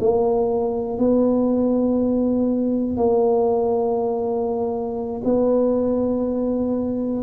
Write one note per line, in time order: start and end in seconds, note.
0.00 0.98 A#3
0.98 2.96 B3
2.96 5.21 A#3
5.24 7.23 B3